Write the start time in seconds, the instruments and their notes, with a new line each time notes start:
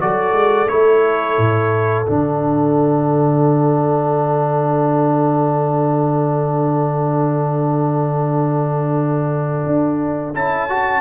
0.00 tuba F#3, trombone F#4, horn A4, trumpet D5
0.32 tuba G#3
0.68 tuba A3, trombone E4, trumpet C#5
1.38 tuba A2
2.06 tuba D3, trombone D4, trumpet F#5
9.66 tuba D4
10.34 tuba C#4, trombone E4, trumpet A5
10.69 trombone F#4